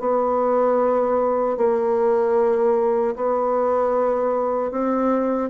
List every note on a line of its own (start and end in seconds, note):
0.00 1.58 B3
1.58 3.15 A#3
3.15 4.72 B3
4.72 5.50 C4